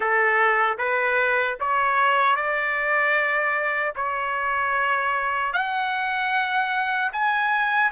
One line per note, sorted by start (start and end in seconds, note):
0.00 0.77 A4
0.78 1.57 B4
1.60 2.36 C#5
2.36 3.94 D5
3.95 5.53 C#5
5.53 7.11 F#5
7.12 7.91 G#5